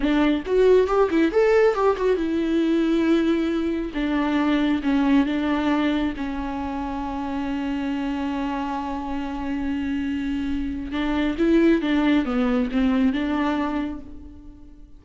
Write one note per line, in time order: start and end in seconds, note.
0.00 0.43 D4
0.45 0.87 F#4
0.87 1.09 G4
1.10 1.31 E4
1.31 1.74 A4
1.74 1.96 G4
1.96 2.16 F#4
2.16 3.91 E4
3.93 4.81 D4
4.82 5.26 C#4
5.26 6.13 D4
6.17 10.92 C#4
10.92 11.35 D4
11.38 11.81 E4
11.81 12.25 D4
12.25 12.69 B3
12.71 13.12 C4
13.12 14.00 D4